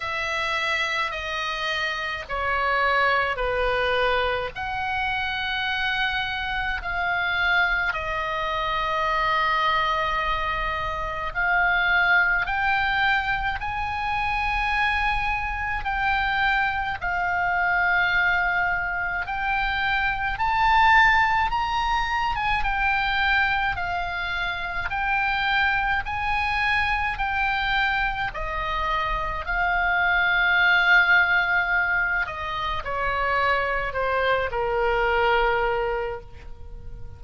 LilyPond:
\new Staff \with { instrumentName = "oboe" } { \time 4/4 \tempo 4 = 53 e''4 dis''4 cis''4 b'4 | fis''2 f''4 dis''4~ | dis''2 f''4 g''4 | gis''2 g''4 f''4~ |
f''4 g''4 a''4 ais''8. gis''16 | g''4 f''4 g''4 gis''4 | g''4 dis''4 f''2~ | f''8 dis''8 cis''4 c''8 ais'4. | }